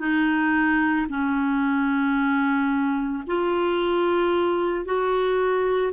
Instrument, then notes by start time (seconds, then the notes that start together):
clarinet
0.00 D#4
1.10 C#4
3.27 F4
4.86 F#4